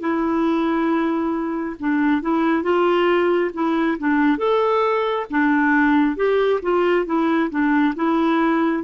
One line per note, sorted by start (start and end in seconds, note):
0.00 1.76 E4
1.79 2.22 D4
2.22 2.63 E4
2.63 3.51 F4
3.53 3.97 E4
3.99 4.38 D4
4.38 5.26 A4
5.30 6.16 D4
6.16 6.60 G4
6.62 7.05 F4
7.05 7.50 E4
7.50 7.94 D4
7.95 8.83 E4